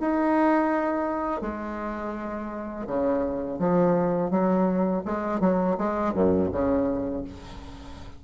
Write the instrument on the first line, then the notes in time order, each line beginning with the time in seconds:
bassoon
0.00 D#4
1.41 G#3
2.87 C#3
3.59 F3
4.30 F#3
5.05 G#3
5.40 F#3
5.78 G#3
6.13 F#2
6.52 C#3